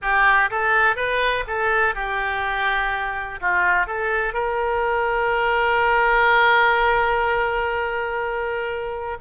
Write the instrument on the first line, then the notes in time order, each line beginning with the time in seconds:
oboe
0.01 G4
0.50 A4
0.96 B4
1.47 A4
1.94 G4
3.40 F4
3.86 A4
4.33 A#4